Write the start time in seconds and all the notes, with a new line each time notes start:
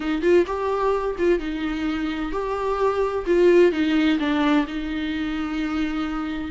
0.00 D#4
0.22 F4
0.46 G4
1.18 F4
1.39 D#4
2.32 G4
3.26 F4
3.71 D#4
4.19 D4
4.67 D#4